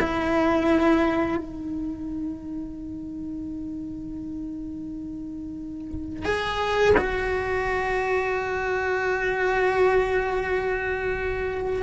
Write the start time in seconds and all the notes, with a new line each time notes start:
0.00 E4
1.37 D#4
6.25 G#4
6.97 F#4